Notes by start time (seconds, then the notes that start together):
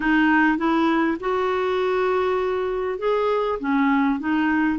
0.00 D#4
0.57 E4
1.20 F#4
2.98 G#4
3.59 C#4
4.19 D#4